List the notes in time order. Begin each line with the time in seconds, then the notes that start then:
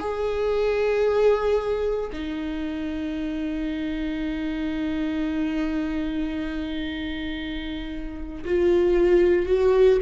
0.00 G#4
2.13 D#4
8.45 F4
9.47 F#4